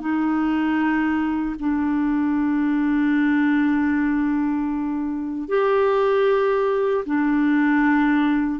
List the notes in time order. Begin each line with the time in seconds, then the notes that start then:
0.00 D#4
1.59 D4
5.49 G4
7.06 D4